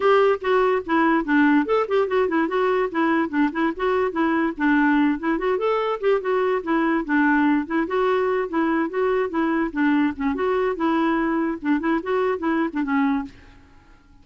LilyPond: \new Staff \with { instrumentName = "clarinet" } { \time 4/4 \tempo 4 = 145 g'4 fis'4 e'4 d'4 | a'8 g'8 fis'8 e'8 fis'4 e'4 | d'8 e'8 fis'4 e'4 d'4~ | d'8 e'8 fis'8 a'4 g'8 fis'4 |
e'4 d'4. e'8 fis'4~ | fis'8 e'4 fis'4 e'4 d'8~ | d'8 cis'8 fis'4 e'2 | d'8 e'8 fis'4 e'8. d'16 cis'4 | }